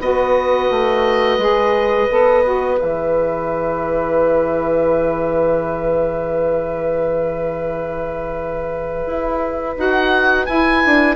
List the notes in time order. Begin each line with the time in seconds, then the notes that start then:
0.00 B3 F#4 B4 D#5
0.70 A3
1.38 G#3 G#4
2.10 B3 A4
2.44 F#4
2.78 E3 G#4 E5
9.06 E4
9.76 D#4 F#4 F#5
10.46 E4 G#5
10.85 D4